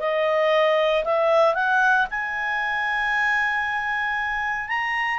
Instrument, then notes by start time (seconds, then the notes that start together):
clarinet
0.00 D#5
1.05 E5
1.55 F#5
2.11 G#5
4.69 A#5